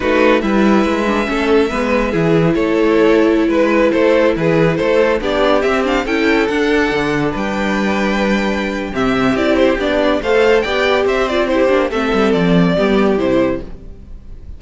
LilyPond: <<
  \new Staff \with { instrumentName = "violin" } { \time 4/4 \tempo 4 = 141 b'4 e''2.~ | e''2 cis''2~ | cis''16 b'4 c''4 b'4 c''8.~ | c''16 d''4 e''8 f''8 g''4 fis''8.~ |
fis''4~ fis''16 g''2~ g''8.~ | g''4 e''4 d''8 c''8 d''4 | f''4 g''4 e''8 d''8 c''4 | e''4 d''2 c''4 | }
  \new Staff \with { instrumentName = "violin" } { \time 4/4 fis'4 b'2 a'4 | b'4 gis'4 a'2~ | a'16 b'4 a'4 gis'4 a'8.~ | a'16 g'2 a'4.~ a'16~ |
a'4~ a'16 b'2~ b'8.~ | b'4 g'2. | c''4 d''4 c''4 g'4 | a'2 g'2 | }
  \new Staff \with { instrumentName = "viola" } { \time 4/4 dis'4 e'4. d'8 cis'4 | b4 e'2.~ | e'1~ | e'16 d'4 c'8 d'8 e'4 d'8.~ |
d'1~ | d'4 c'4 e'4 d'4 | a'4 g'4. f'8 e'8 d'8 | c'2 b4 e'4 | }
  \new Staff \with { instrumentName = "cello" } { \time 4/4 a4 g4 gis4 a4 | gis4 e4 a2~ | a16 gis4 a4 e4 a8.~ | a16 b4 c'4 cis'4 d'8.~ |
d'16 d4 g2~ g8.~ | g4 c4 c'4 b4 | a4 b4 c'4. ais8 | a8 g8 f4 g4 c4 | }
>>